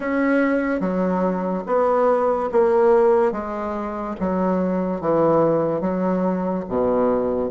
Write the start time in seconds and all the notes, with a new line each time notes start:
0.00 C#4
0.80 F#3
1.66 B3
2.52 A#3
3.31 G#3
4.20 F#3
5.00 E3
5.80 F#3
6.68 B2